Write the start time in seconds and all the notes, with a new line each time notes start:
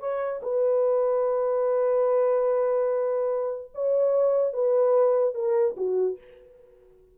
0.00 C#5
0.43 B4
3.75 C#5
4.54 B4
5.35 A#4
5.77 F#4